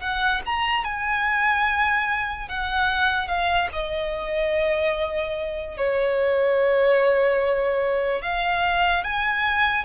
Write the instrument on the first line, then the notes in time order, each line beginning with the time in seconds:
violin
0.00 F#5
0.45 A#5
0.84 G#5
2.48 F#5
3.27 F5
3.72 D#5
5.77 C#5
8.22 F5
9.03 G#5